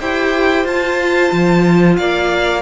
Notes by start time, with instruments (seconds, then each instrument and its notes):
0.00 cello E4, viola G4, violin C5 G5
0.65 cello F4, viola F4, violin A5
1.32 cello F3
1.97 cello A#3, violin D5 F5